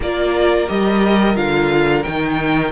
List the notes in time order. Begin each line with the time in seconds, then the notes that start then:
0.00 A#3 F4 A#4 D5
0.67 G3 G4 D#5
1.35 D3 F4 F5
2.03 D#3 D#4 G5